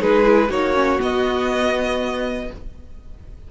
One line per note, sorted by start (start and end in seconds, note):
0.00 0.50 G#3
0.00 0.24 D#4
0.00 0.49 G#4
0.00 0.51 B4
0.24 0.49 E4
0.49 0.99 A#3
0.49 0.74 D#4
0.49 2.48 F#4
0.49 1.01 C#5
0.74 0.99 C#4
0.99 2.48 B3
0.99 2.51 B3
0.99 2.51 D#5